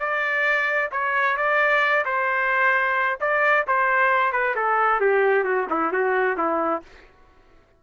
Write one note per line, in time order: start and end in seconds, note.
0.00 0.91 D5
0.92 1.37 C#5
1.37 2.05 D5
2.06 3.19 C5
3.21 3.67 D5
3.68 4.33 C5
4.33 4.56 B4
4.56 5.01 A4
5.01 5.45 G4
5.45 5.67 F#4
5.70 5.93 E4
5.93 6.38 F#4
6.38 6.83 E4